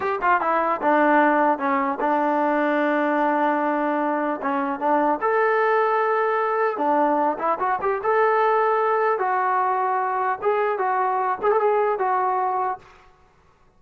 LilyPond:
\new Staff \with { instrumentName = "trombone" } { \time 4/4 \tempo 4 = 150 g'8 f'8 e'4 d'2 | cis'4 d'2.~ | d'2. cis'4 | d'4 a'2.~ |
a'4 d'4. e'8 fis'8 g'8 | a'2. fis'4~ | fis'2 gis'4 fis'4~ | fis'8 gis'16 a'16 gis'4 fis'2 | }